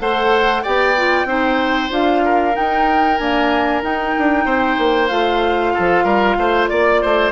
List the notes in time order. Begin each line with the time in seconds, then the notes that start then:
0.00 A3 A4 C5 F#5
0.63 B3 G4 D5 G5
0.97 F4
1.25 C4 D#4 C5
1.90 D4 F4 F5
2.25 A#4
2.53 D#4 G5
3.18 A#3 D4 G#5
3.82 D#4 G5
4.19 D4
4.45 C4 C5
4.79 A#3
5.08 A3 F4 F5
5.74 F3 A4
6.04 G3 A#4
6.38 A3 C5
6.68 A#3 D5
7.02 A3 C5